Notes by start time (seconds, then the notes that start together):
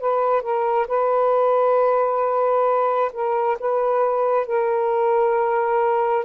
0.00 B4
0.42 A#4
0.87 B4
3.12 A#4
3.59 B4
4.46 A#4